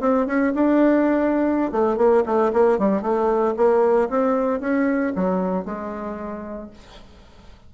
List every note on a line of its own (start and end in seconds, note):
0.00 0.26 C4
0.27 0.53 C#4
0.54 1.72 D4
1.72 1.97 A3
1.97 2.23 A#3
2.25 2.52 A3
2.53 2.78 A#3
2.78 3.01 G3
3.01 3.54 A3
3.56 4.09 A#3
4.09 4.60 C4
4.60 5.13 C#4
5.15 5.65 F#3
5.65 6.70 G#3